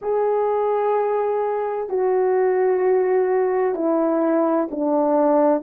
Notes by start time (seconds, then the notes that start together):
0.01 G#4
1.89 F#4
3.75 E4
4.70 D4